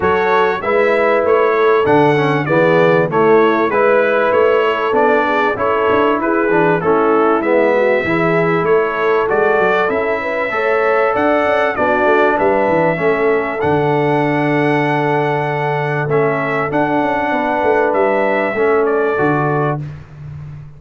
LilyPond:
<<
  \new Staff \with { instrumentName = "trumpet" } { \time 4/4 \tempo 4 = 97 cis''4 e''4 cis''4 fis''4 | d''4 cis''4 b'4 cis''4 | d''4 cis''4 b'4 a'4 | e''2 cis''4 d''4 |
e''2 fis''4 d''4 | e''2 fis''2~ | fis''2 e''4 fis''4~ | fis''4 e''4. d''4. | }
  \new Staff \with { instrumentName = "horn" } { \time 4/4 a'4 b'4. a'4. | gis'4 e'4 b'4. a'8~ | a'8 gis'8 a'4 gis'4 e'4~ | e'8 fis'8 gis'4 a'2~ |
a'8 b'8 cis''4 d''4 fis'4 | b'4 a'2.~ | a'1 | b'2 a'2 | }
  \new Staff \with { instrumentName = "trombone" } { \time 4/4 fis'4 e'2 d'8 cis'8 | b4 a4 e'2 | d'4 e'4. d'8 cis'4 | b4 e'2 fis'4 |
e'4 a'2 d'4~ | d'4 cis'4 d'2~ | d'2 cis'4 d'4~ | d'2 cis'4 fis'4 | }
  \new Staff \with { instrumentName = "tuba" } { \time 4/4 fis4 gis4 a4 d4 | e4 a4 gis4 a4 | b4 cis'8 d'8 e'8 e8 a4 | gis4 e4 a4 gis8 fis8 |
cis'4 a4 d'8 cis'8 b8 a8 | g8 e8 a4 d2~ | d2 a4 d'8 cis'8 | b8 a8 g4 a4 d4 | }
>>